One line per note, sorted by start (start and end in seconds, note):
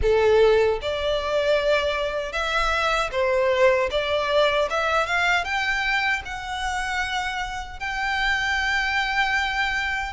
0.01 0.79 A4
0.81 2.32 D5
2.32 3.10 E5
3.11 3.89 C5
3.90 4.68 D5
4.70 5.06 E5
5.06 5.44 F5
5.44 6.22 G5
6.25 7.79 F#5
7.79 10.13 G5